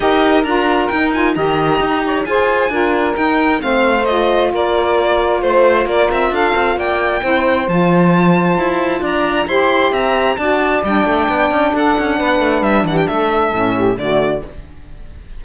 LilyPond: <<
  \new Staff \with { instrumentName = "violin" } { \time 4/4 \tempo 4 = 133 dis''4 ais''4 g''8 gis''8 ais''4~ | ais''4 gis''2 g''4 | f''4 dis''4 d''2 | c''4 d''8 e''8 f''4 g''4~ |
g''4 a''2. | ais''4 c'''4 ais''4 a''4 | g''2 fis''2 | e''8 fis''16 g''16 e''2 d''4 | }
  \new Staff \with { instrumentName = "saxophone" } { \time 4/4 ais'2. dis''4~ | dis''8 cis''8 c''4 ais'2 | c''2 ais'2 | c''4 ais'4 a'4 d''4 |
c''1 | d''4 c''4 e''4 d''4~ | d''2 a'4 b'4~ | b'8 g'8 a'4. g'8 fis'4 | }
  \new Staff \with { instrumentName = "saxophone" } { \time 4/4 g'4 f'4 dis'8 f'8 g'4~ | g'4 gis'4 f'4 dis'4 | c'4 f'2.~ | f'1 |
e'4 f'2.~ | f'4 g'2 fis'4 | d'1~ | d'2 cis'4 a4 | }
  \new Staff \with { instrumentName = "cello" } { \time 4/4 dis'4 d'4 dis'4 dis4 | dis'4 f'4 d'4 dis'4 | a2 ais2 | a4 ais8 c'8 d'8 c'8 ais4 |
c'4 f2 e'4 | d'4 e'4 c'4 d'4 | g8 a8 b8 cis'8 d'8 cis'8 b8 a8 | g8 e8 a4 a,4 d4 | }
>>